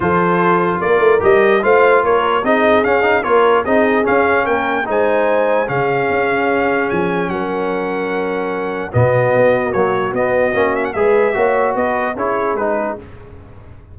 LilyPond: <<
  \new Staff \with { instrumentName = "trumpet" } { \time 4/4 \tempo 4 = 148 c''2 d''4 dis''4 | f''4 cis''4 dis''4 f''4 | cis''4 dis''4 f''4 g''4 | gis''2 f''2~ |
f''4 gis''4 fis''2~ | fis''2 dis''2 | cis''4 dis''4. e''16 fis''16 e''4~ | e''4 dis''4 cis''4 b'4 | }
  \new Staff \with { instrumentName = "horn" } { \time 4/4 a'2 ais'2 | c''4 ais'4 gis'2 | ais'4 gis'2 ais'4 | c''2 gis'2~ |
gis'2 ais'2~ | ais'2 fis'2~ | fis'2. b'4 | cis''4 b'4 gis'2 | }
  \new Staff \with { instrumentName = "trombone" } { \time 4/4 f'2. g'4 | f'2 dis'4 cis'8 dis'8 | f'4 dis'4 cis'2 | dis'2 cis'2~ |
cis'1~ | cis'2 b2 | fis4 b4 cis'4 gis'4 | fis'2 e'4 dis'4 | }
  \new Staff \with { instrumentName = "tuba" } { \time 4/4 f2 ais8 a8 g4 | a4 ais4 c'4 cis'4 | ais4 c'4 cis'4 ais4 | gis2 cis4 cis'4~ |
cis'4 f4 fis2~ | fis2 b,4 b4 | ais4 b4 ais4 gis4 | ais4 b4 cis'4 gis4 | }
>>